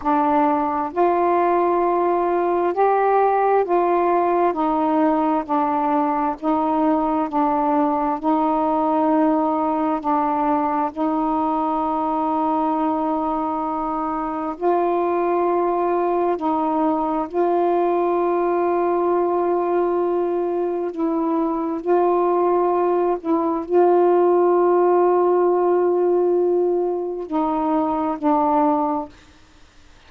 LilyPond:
\new Staff \with { instrumentName = "saxophone" } { \time 4/4 \tempo 4 = 66 d'4 f'2 g'4 | f'4 dis'4 d'4 dis'4 | d'4 dis'2 d'4 | dis'1 |
f'2 dis'4 f'4~ | f'2. e'4 | f'4. e'8 f'2~ | f'2 dis'4 d'4 | }